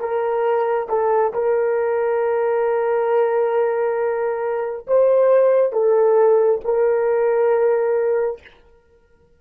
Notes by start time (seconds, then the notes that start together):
0.00 A#4
0.89 A4
1.34 A#4
4.88 C5
5.73 A4
6.65 A#4